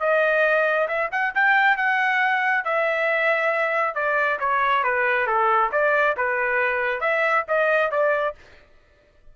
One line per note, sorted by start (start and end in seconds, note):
0.00 0.88 D#5
0.88 1.10 E5
1.12 1.34 F#5
1.35 1.77 G5
1.77 2.64 F#5
2.65 3.95 E5
3.95 4.39 D5
4.40 4.84 C#5
4.84 5.27 B4
5.27 5.71 A4
5.72 6.16 D5
6.17 7.01 B4
7.01 7.44 E5
7.48 7.91 D#5
7.91 8.35 D5